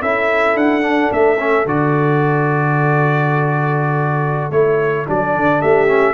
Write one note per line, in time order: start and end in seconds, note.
0.00 0.55 C#4
0.00 0.81 E4
0.00 5.59 A4
0.00 0.56 E5
0.55 1.09 D4
0.55 1.11 F#5
0.81 1.36 D4
1.11 1.65 A3
1.11 1.67 E5
1.38 1.65 C#4
1.65 4.50 D3
1.65 4.52 F#4
1.65 4.51 D5
4.50 5.05 A3
4.50 5.07 E4
4.50 5.05 C#5
5.07 5.35 F#3
5.07 5.87 D4
5.07 5.61 D5
5.35 5.62 D3
5.61 6.14 A3
5.61 6.14 G4
5.61 6.14 E5
5.87 6.14 C#4